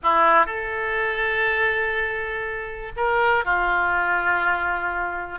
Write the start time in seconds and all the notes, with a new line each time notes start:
0.03 E4
0.46 A4
2.96 A#4
3.44 F4